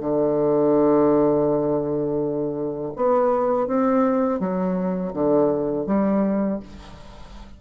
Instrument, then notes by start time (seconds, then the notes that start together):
bassoon
0.00 D3
2.96 B3
3.67 C4
4.40 F#3
5.14 D3
5.87 G3